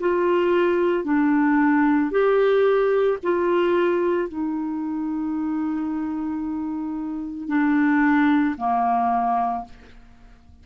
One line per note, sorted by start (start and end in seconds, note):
0.00 1.05 F4
1.05 2.11 D4
2.11 3.19 G4
3.23 4.29 F4
4.29 7.49 D#4
7.49 8.56 D4
8.58 9.65 A#3